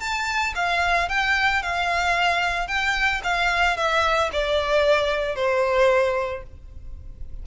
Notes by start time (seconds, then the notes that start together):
0.00 A5
0.55 F5
1.09 G5
1.63 F5
2.68 G5
3.24 F5
3.77 E5
4.32 D5
5.36 C5